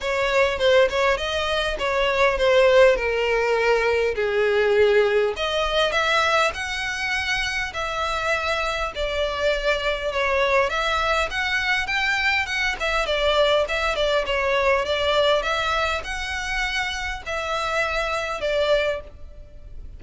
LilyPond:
\new Staff \with { instrumentName = "violin" } { \time 4/4 \tempo 4 = 101 cis''4 c''8 cis''8 dis''4 cis''4 | c''4 ais'2 gis'4~ | gis'4 dis''4 e''4 fis''4~ | fis''4 e''2 d''4~ |
d''4 cis''4 e''4 fis''4 | g''4 fis''8 e''8 d''4 e''8 d''8 | cis''4 d''4 e''4 fis''4~ | fis''4 e''2 d''4 | }